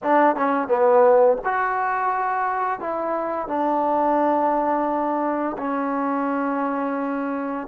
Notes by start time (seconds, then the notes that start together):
0.03 D4
0.36 C#4
0.68 B3
1.44 F#4
2.80 E4
3.47 D4
5.58 C#4